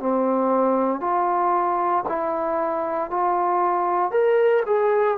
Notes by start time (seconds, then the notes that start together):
0.00 C4
1.01 F4
2.09 E4
3.11 F4
4.11 A#4
4.66 G#4